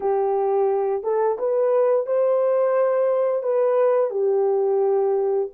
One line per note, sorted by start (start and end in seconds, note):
0.00 1.03 G4
1.03 1.37 A4
1.38 2.06 B4
2.06 3.42 C5
3.42 4.10 B4
4.10 5.48 G4